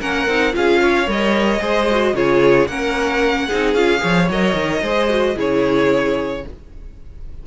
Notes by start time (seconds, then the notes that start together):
0.00 A#3 C#4 A#4 F#5
0.27 C4 D#4
0.52 C#4 F4 G#4 F5
0.81 C#5
1.07 G3 A#4 D#5
1.60 G#3 G#4 C5
1.91 F#4
2.13 C#3 F4 G#4 C#5
2.67 A#3 C#4 A#4 F#5
3.47 C4 D#4 G#4
3.74 C#4 F4 F5
3.98 F3 G#4 C#5
4.29 F#3 A#4 D#5
4.54 D#3
4.82 G#3 G#4 C5
5.09 F#4
5.36 C#3 E4 G#4 C#5